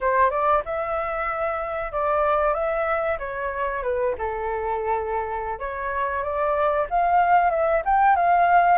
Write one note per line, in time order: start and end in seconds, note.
0.00 0.30 C5
0.30 0.62 D5
0.65 1.92 E5
1.92 2.54 D5
2.54 3.17 E5
3.19 3.82 C#5
3.83 4.15 B4
4.18 5.59 A4
5.59 6.23 C#5
6.23 6.86 D5
6.89 7.50 F5
7.50 7.82 E5
7.85 8.16 G5
8.16 8.78 F5